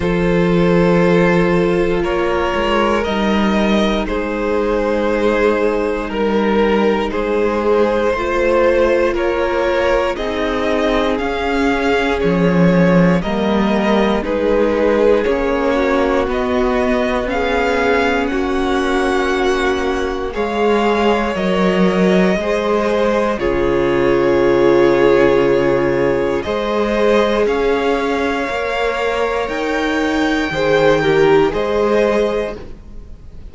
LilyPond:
<<
  \new Staff \with { instrumentName = "violin" } { \time 4/4 \tempo 4 = 59 c''2 cis''4 dis''4 | c''2 ais'4 c''4~ | c''4 cis''4 dis''4 f''4 | cis''4 dis''4 b'4 cis''4 |
dis''4 f''4 fis''2 | f''4 dis''2 cis''4~ | cis''2 dis''4 f''4~ | f''4 g''2 dis''4 | }
  \new Staff \with { instrumentName = "violin" } { \time 4/4 a'2 ais'2 | gis'2 ais'4 gis'4 | c''4 ais'4 gis'2~ | gis'4 ais'4 gis'4. fis'8~ |
fis'4 gis'4 fis'2 | cis''2 c''4 gis'4~ | gis'2 c''4 cis''4~ | cis''2 c''8 ais'8 c''4 | }
  \new Staff \with { instrumentName = "viola" } { \time 4/4 f'2. dis'4~ | dis'1 | f'2 dis'4 cis'4~ | cis'4 ais4 dis'4 cis'4 |
b4 cis'2. | gis'4 ais'4 gis'4 f'4~ | f'2 gis'2 | ais'2 gis'8 g'8 gis'4 | }
  \new Staff \with { instrumentName = "cello" } { \time 4/4 f2 ais8 gis8 g4 | gis2 g4 gis4 | a4 ais4 c'4 cis'4 | f4 g4 gis4 ais4 |
b2 ais2 | gis4 fis4 gis4 cis4~ | cis2 gis4 cis'4 | ais4 dis'4 dis4 gis4 | }
>>